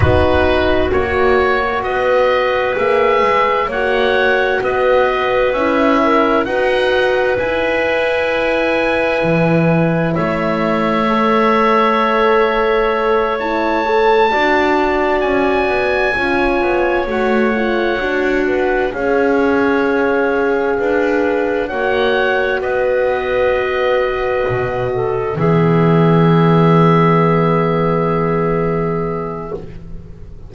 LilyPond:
<<
  \new Staff \with { instrumentName = "oboe" } { \time 4/4 \tempo 4 = 65 b'4 cis''4 dis''4 e''4 | fis''4 dis''4 e''4 fis''4 | gis''2. e''4~ | e''2~ e''8 a''4.~ |
a''8 gis''2 fis''4.~ | fis''8 f''2. fis''8~ | fis''8 dis''2. e''8~ | e''1 | }
  \new Staff \with { instrumentName = "clarinet" } { \time 4/4 fis'2 b'2 | cis''4 b'4. ais'8 b'4~ | b'2. cis''4~ | cis''2.~ cis''8 d''8~ |
d''4. cis''2~ cis''8 | b'8 cis''2 b'4 cis''8~ | cis''8 b'2~ b'8 a'8 gis'8~ | gis'1 | }
  \new Staff \with { instrumentName = "horn" } { \time 4/4 dis'4 fis'2 gis'4 | fis'2 e'4 fis'4 | e'1 | a'2~ a'8 e'8 a'8 fis'8~ |
fis'4. f'4 fis'8 f'8 fis'8~ | fis'8 gis'2. fis'8~ | fis'2.~ fis'8 b8~ | b1 | }
  \new Staff \with { instrumentName = "double bass" } { \time 4/4 b4 ais4 b4 ais8 gis8 | ais4 b4 cis'4 dis'4 | e'2 e4 a4~ | a2.~ a8 d'8~ |
d'8 cis'8 b8 cis'8 b8 a4 d'8~ | d'8 cis'2 d'4 ais8~ | ais8 b2 b,4 e8~ | e1 | }
>>